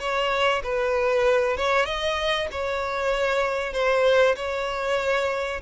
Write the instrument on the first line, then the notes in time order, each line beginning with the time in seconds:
violin
0.00 C#5
0.64 B4
1.57 C#5
1.86 D#5
2.52 C#5
3.73 C5
4.36 C#5